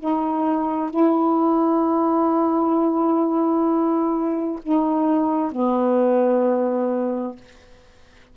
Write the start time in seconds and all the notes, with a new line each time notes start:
0.00 D#4
0.91 E4
4.64 D#4
5.52 B3